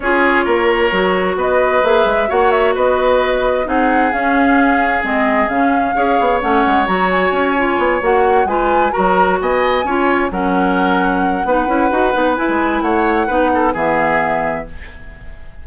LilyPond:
<<
  \new Staff \with { instrumentName = "flute" } { \time 4/4 \tempo 4 = 131 cis''2. dis''4 | e''4 fis''8 e''8 dis''2 | fis''4 f''2 dis''4 | f''2 fis''4 ais''8 gis''8~ |
gis''4. fis''4 gis''4 ais''8~ | ais''8 gis''2 fis''4.~ | fis''2. gis''4 | fis''2 e''2 | }
  \new Staff \with { instrumentName = "oboe" } { \time 4/4 gis'4 ais'2 b'4~ | b'4 cis''4 b'2 | gis'1~ | gis'4 cis''2.~ |
cis''2~ cis''8 b'4 ais'8~ | ais'8 dis''4 cis''4 ais'4.~ | ais'4 b'2. | cis''4 b'8 a'8 gis'2 | }
  \new Staff \with { instrumentName = "clarinet" } { \time 4/4 f'2 fis'2 | gis'4 fis'2. | dis'4 cis'2 c'4 | cis'4 gis'4 cis'4 fis'4~ |
fis'8 f'4 fis'4 f'4 fis'8~ | fis'4. f'4 cis'4.~ | cis'4 dis'8 e'8 fis'8 dis'8 e'4~ | e'4 dis'4 b2 | }
  \new Staff \with { instrumentName = "bassoon" } { \time 4/4 cis'4 ais4 fis4 b4 | ais8 gis8 ais4 b2 | c'4 cis'2 gis4 | cis4 cis'8 b8 a8 gis8 fis4 |
cis'4 b8 ais4 gis4 fis8~ | fis8 b4 cis'4 fis4.~ | fis4 b8 cis'8 dis'8 b8 e'16 gis8. | a4 b4 e2 | }
>>